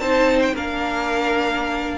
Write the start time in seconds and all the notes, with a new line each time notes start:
0.00 C4 D#4 C5 A5
0.42 G5
0.54 A#3 D4 A#4 F5